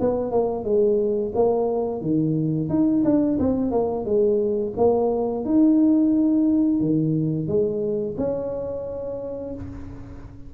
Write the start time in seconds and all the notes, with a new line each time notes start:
0.00 B3
0.32 A#3
0.64 G#3
1.35 A#3
2.01 D#3
2.69 D#4
3.05 D4
3.39 C4
3.71 A#3
4.05 G#3
4.77 A#3
5.45 D#4
6.81 D#3
7.48 G#3
8.18 C#4